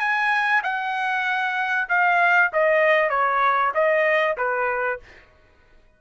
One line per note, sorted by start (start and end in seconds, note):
0.00 0.62 G#5
0.64 1.89 F#5
1.89 2.52 F5
2.53 3.10 D#5
3.10 3.73 C#5
3.75 4.37 D#5
4.38 5.00 B4